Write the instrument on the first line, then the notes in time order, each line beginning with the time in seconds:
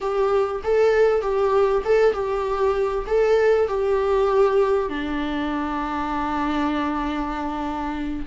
viola
0.00 G4
0.63 A4
1.21 G4
1.84 A4
2.13 G4
3.06 A4
3.68 G4
4.89 D4